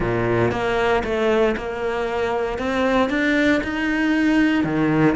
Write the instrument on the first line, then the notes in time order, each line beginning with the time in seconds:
cello
0.00 A#2
0.51 A#3
1.03 A3
1.57 A#3
2.58 C4
3.09 D4
3.63 D#4
4.64 D#3